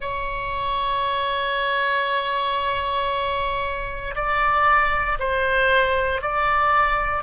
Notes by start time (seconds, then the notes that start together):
0.00 C#5
4.15 D5
5.19 C5
6.21 D5